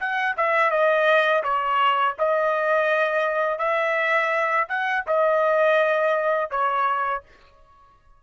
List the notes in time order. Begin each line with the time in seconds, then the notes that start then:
0.00 F#5
0.37 E5
0.71 D#5
1.44 C#5
2.19 D#5
3.59 E5
4.69 F#5
5.07 D#5
6.51 C#5